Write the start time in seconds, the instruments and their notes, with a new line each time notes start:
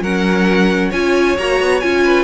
0.00 cello F#3, viola C#4, violin A#4 F#5
0.89 cello C#4, viola F4, violin C#5 G#5
1.38 cello A#3, viola F#4, violin A#5
1.59 cello B3
1.80 cello C#4, viola F4, violin G#5
2.04 violin B4